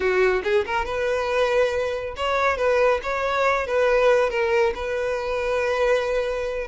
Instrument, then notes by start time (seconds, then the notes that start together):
violin
0.00 F#4
0.43 G#4
0.66 A#4
0.85 B4
2.16 C#5
2.57 B4
3.02 C#5
3.66 B4
4.30 A#4
4.75 B4